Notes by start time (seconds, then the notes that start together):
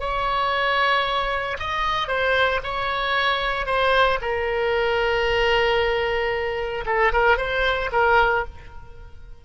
0.00 C#5
1.60 D#5
2.08 C5
2.64 C#5
3.67 C5
4.22 A#4
6.86 A4
7.13 A#4
7.38 C5
7.93 A#4